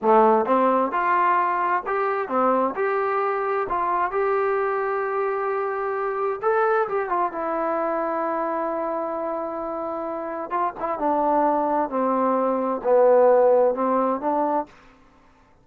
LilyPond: \new Staff \with { instrumentName = "trombone" } { \time 4/4 \tempo 4 = 131 a4 c'4 f'2 | g'4 c'4 g'2 | f'4 g'2.~ | g'2 a'4 g'8 f'8 |
e'1~ | e'2. f'8 e'8 | d'2 c'2 | b2 c'4 d'4 | }